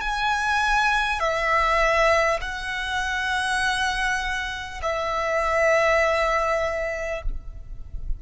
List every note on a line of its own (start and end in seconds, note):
0.00 1.19 G#5
1.19 2.39 E5
2.41 4.81 F#5
4.82 7.22 E5